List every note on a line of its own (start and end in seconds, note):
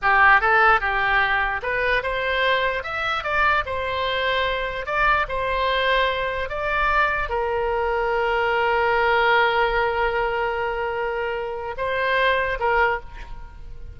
0.02 0.41 G4
0.41 0.80 A4
0.80 1.61 G4
1.62 2.02 B4
2.02 2.83 C5
2.83 3.23 E5
3.23 3.64 D5
3.65 4.86 C5
4.86 5.26 D5
5.28 6.49 C5
6.49 7.29 D5
7.29 11.75 A#4
11.77 12.58 C5
12.59 13.00 A#4